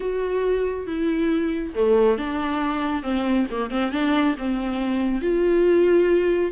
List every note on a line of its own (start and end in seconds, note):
0.00 0.87 F#4
0.87 1.74 E4
1.74 2.18 A3
2.18 3.02 D4
3.02 3.46 C4
3.50 3.70 A#3
3.70 3.92 C4
3.92 4.35 D4
4.38 5.21 C4
5.21 6.51 F4